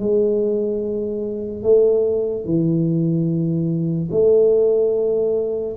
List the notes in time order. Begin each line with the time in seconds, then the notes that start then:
0.00 G#3
1.63 A3
2.45 E3
4.11 A3